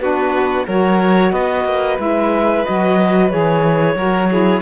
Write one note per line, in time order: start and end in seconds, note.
0.00 0.67 B3
0.00 0.66 D4
0.00 0.67 F#4
0.00 0.66 B4
0.67 1.33 F#3
0.67 1.99 F#4
0.67 1.32 A#4
0.67 1.33 C#5
1.32 1.65 B3
1.32 3.96 B4
1.32 1.99 D#5
1.65 1.98 A#3
1.99 2.65 G#3
1.99 2.65 E4
1.99 2.66 E5
2.66 3.33 F#3
2.66 3.31 F#4
2.66 3.30 D#5
3.30 3.95 E3
3.30 3.96 G#4
3.30 4.62 C#5
3.95 4.61 F#3
3.95 4.29 F#4
3.95 4.30 A#4
4.30 4.62 E4
4.30 4.62 G#4